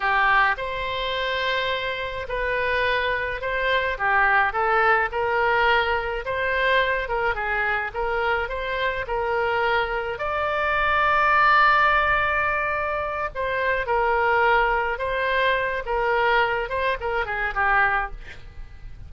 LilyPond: \new Staff \with { instrumentName = "oboe" } { \time 4/4 \tempo 4 = 106 g'4 c''2. | b'2 c''4 g'4 | a'4 ais'2 c''4~ | c''8 ais'8 gis'4 ais'4 c''4 |
ais'2 d''2~ | d''2.~ d''8 c''8~ | c''8 ais'2 c''4. | ais'4. c''8 ais'8 gis'8 g'4 | }